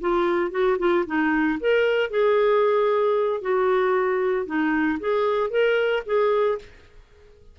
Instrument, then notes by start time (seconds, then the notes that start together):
clarinet
0.00 F4
0.50 F#4
0.78 F4
1.06 D#4
1.60 A#4
2.10 G#4
3.41 F#4
4.46 D#4
5.00 G#4
5.50 A#4
6.06 G#4